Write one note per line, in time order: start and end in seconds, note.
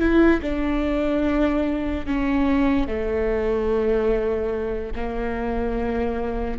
0.00 0.41 E4
0.42 2.07 D4
2.07 2.88 C#4
2.88 4.94 A3
4.96 6.60 A#3